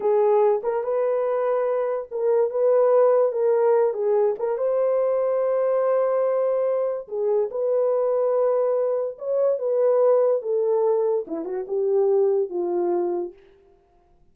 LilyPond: \new Staff \with { instrumentName = "horn" } { \time 4/4 \tempo 4 = 144 gis'4. ais'8 b'2~ | b'4 ais'4 b'2 | ais'4. gis'4 ais'8 c''4~ | c''1~ |
c''4 gis'4 b'2~ | b'2 cis''4 b'4~ | b'4 a'2 e'8 fis'8 | g'2 f'2 | }